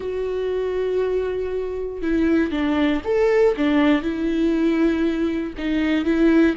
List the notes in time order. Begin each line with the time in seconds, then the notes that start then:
0.00 F#4
2.02 E4
2.51 D4
3.04 A4
3.57 D4
4.02 E4
5.57 D#4
6.04 E4